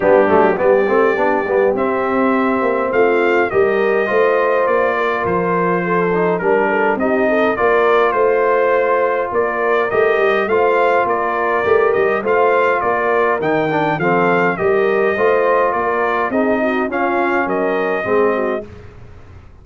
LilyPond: <<
  \new Staff \with { instrumentName = "trumpet" } { \time 4/4 \tempo 4 = 103 g'4 d''2 e''4~ | e''4 f''4 dis''2 | d''4 c''2 ais'4 | dis''4 d''4 c''2 |
d''4 dis''4 f''4 d''4~ | d''8 dis''8 f''4 d''4 g''4 | f''4 dis''2 d''4 | dis''4 f''4 dis''2 | }
  \new Staff \with { instrumentName = "horn" } { \time 4/4 d'4 g'2.~ | g'4 f'4 ais'4 c''4~ | c''8 ais'4. a'4 ais'8 a'8 | g'8 a'8 ais'4 c''2 |
ais'2 c''4 ais'4~ | ais'4 c''4 ais'2 | a'4 ais'4 c''4 ais'4 | gis'8 fis'8 f'4 ais'4 gis'8 fis'8 | }
  \new Staff \with { instrumentName = "trombone" } { \time 4/4 b8 a8 b8 c'8 d'8 b8 c'4~ | c'2 g'4 f'4~ | f'2~ f'8 dis'8 d'4 | dis'4 f'2.~ |
f'4 g'4 f'2 | g'4 f'2 dis'8 d'8 | c'4 g'4 f'2 | dis'4 cis'2 c'4 | }
  \new Staff \with { instrumentName = "tuba" } { \time 4/4 g8 fis8 g8 a8 b8 g8 c'4~ | c'8 ais8 a4 g4 a4 | ais4 f2 g4 | c'4 ais4 a2 |
ais4 a8 g8 a4 ais4 | a8 g8 a4 ais4 dis4 | f4 g4 a4 ais4 | c'4 cis'4 fis4 gis4 | }
>>